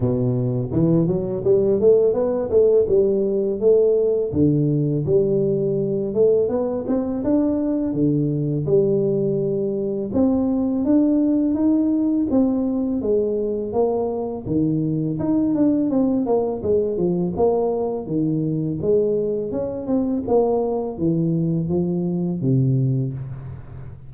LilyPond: \new Staff \with { instrumentName = "tuba" } { \time 4/4 \tempo 4 = 83 b,4 e8 fis8 g8 a8 b8 a8 | g4 a4 d4 g4~ | g8 a8 b8 c'8 d'4 d4 | g2 c'4 d'4 |
dis'4 c'4 gis4 ais4 | dis4 dis'8 d'8 c'8 ais8 gis8 f8 | ais4 dis4 gis4 cis'8 c'8 | ais4 e4 f4 c4 | }